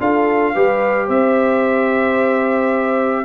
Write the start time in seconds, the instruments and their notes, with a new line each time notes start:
0.00 tuba D4, trombone F4, horn A4, trumpet F5
0.54 tuba G3, trombone G4, horn B4
1.06 tuba C4, horn C5, trumpet E5